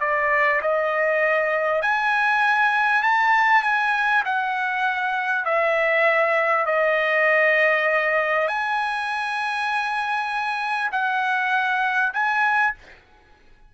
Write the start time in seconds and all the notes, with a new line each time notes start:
0.00 D5
0.61 D#5
1.82 G#5
3.02 A5
3.62 G#5
4.25 F#5
5.45 E5
6.66 D#5
8.47 G#5
10.91 F#5
12.13 G#5